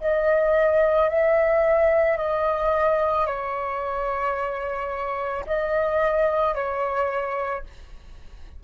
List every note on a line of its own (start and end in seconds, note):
0.00 1.09 D#5
1.09 2.17 E5
2.17 3.26 D#5
3.26 5.44 C#5
5.46 6.55 D#5
6.55 7.64 C#5